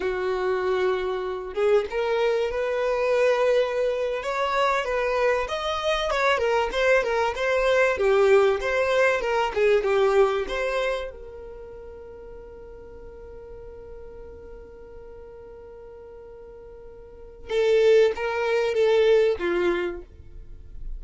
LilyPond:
\new Staff \with { instrumentName = "violin" } { \time 4/4 \tempo 4 = 96 fis'2~ fis'8 gis'8 ais'4 | b'2~ b'8. cis''4 b'16~ | b'8. dis''4 cis''8 ais'8 c''8 ais'8 c''16~ | c''8. g'4 c''4 ais'8 gis'8 g'16~ |
g'8. c''4 ais'2~ ais'16~ | ais'1~ | ais'1 | a'4 ais'4 a'4 f'4 | }